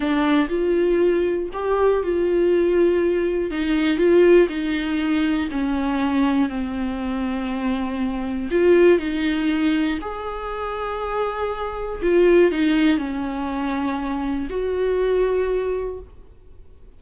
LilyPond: \new Staff \with { instrumentName = "viola" } { \time 4/4 \tempo 4 = 120 d'4 f'2 g'4 | f'2. dis'4 | f'4 dis'2 cis'4~ | cis'4 c'2.~ |
c'4 f'4 dis'2 | gis'1 | f'4 dis'4 cis'2~ | cis'4 fis'2. | }